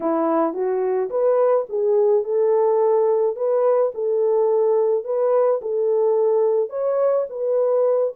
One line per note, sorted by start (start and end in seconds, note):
0.00 0.53 E4
0.53 1.09 F#4
1.09 1.65 B4
1.69 2.24 G#4
2.24 3.35 A4
3.35 3.92 B4
3.94 5.04 A4
5.04 5.60 B4
5.61 6.69 A4
6.69 7.25 C#5
7.29 8.13 B4